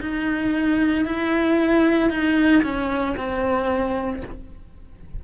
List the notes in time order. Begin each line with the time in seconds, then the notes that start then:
0.00 D#4
1.05 E4
2.10 D#4
2.63 C#4
3.17 C4